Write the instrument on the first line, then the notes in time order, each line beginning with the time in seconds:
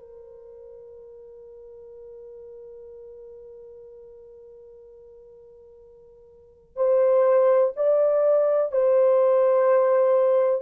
horn
0.00 A#4
6.77 C5
7.77 D5
8.72 C5